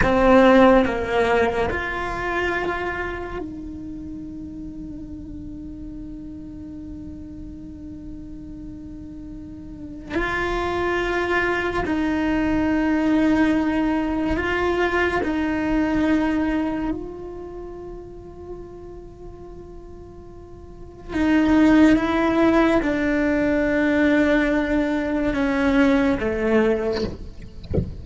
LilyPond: \new Staff \with { instrumentName = "cello" } { \time 4/4 \tempo 4 = 71 c'4 ais4 f'2 | dis'1~ | dis'1 | f'2 dis'2~ |
dis'4 f'4 dis'2 | f'1~ | f'4 dis'4 e'4 d'4~ | d'2 cis'4 a4 | }